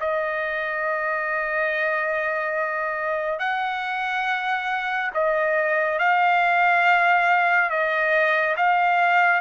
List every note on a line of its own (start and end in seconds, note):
0.00 3.39 D#5
3.39 5.11 F#5
5.14 5.98 D#5
5.98 7.70 F5
7.70 8.56 D#5
8.57 9.41 F5